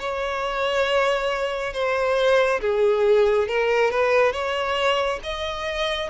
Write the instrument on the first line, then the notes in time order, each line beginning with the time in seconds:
violin
0.00 C#5
1.74 C5
2.61 G#4
3.49 A#4
3.91 B4
4.33 C#5
5.24 D#5